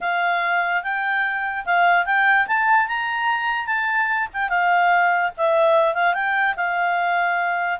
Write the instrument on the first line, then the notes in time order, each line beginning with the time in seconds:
clarinet
0.01 F5
0.83 G5
1.65 F5
2.05 G5
2.47 A5
2.87 A#5
3.66 A5
4.33 G5
4.49 F5
5.37 E5
5.94 F5
6.13 G5
6.56 F5